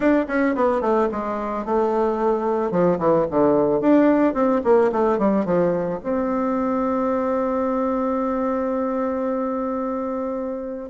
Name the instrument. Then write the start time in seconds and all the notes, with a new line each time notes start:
bassoon
0.00 D4
0.28 C#4
0.55 B3
0.81 A3
1.11 G#3
1.65 A3
2.71 F3
2.99 E3
3.30 D3
3.80 D4
4.34 C4
4.64 A#3
4.91 A3
5.18 G3
5.45 F3
6.03 C4